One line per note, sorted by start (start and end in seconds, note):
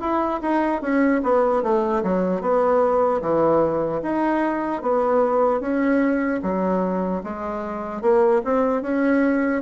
0.00 0.40 E4
0.41 0.81 D#4
0.81 1.21 C#4
1.23 1.63 B3
1.63 2.03 A3
2.03 2.41 F#3
2.41 3.21 B3
3.21 4.01 E3
4.02 4.82 D#4
4.82 5.60 B3
5.60 6.40 C#4
6.42 7.22 F#3
7.23 8.01 G#3
8.01 8.41 A#3
8.44 8.82 C4
8.82 9.62 C#4